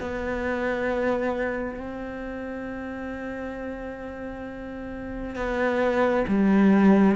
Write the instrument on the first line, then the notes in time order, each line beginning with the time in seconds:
cello
0.00 B3
1.79 C4
5.35 B3
6.28 G3